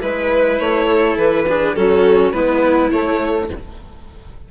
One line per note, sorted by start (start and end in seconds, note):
0.00 0.60 G#3
0.00 1.46 E4
0.00 0.59 B4
0.00 0.88 B4
0.59 1.17 A3
0.59 1.17 C#5
0.88 1.46 A4
1.17 1.75 E3
1.17 1.75 B4
1.48 1.76 D4
1.48 1.76 G#4
1.75 2.33 F#3
1.75 2.34 C#4
1.75 2.34 F#4
1.75 2.32 A4
2.32 2.91 G#3
2.32 2.91 B3
2.32 3.51 E4
2.32 2.90 B4
2.91 3.50 A3
2.91 3.51 A3
2.91 3.49 C#5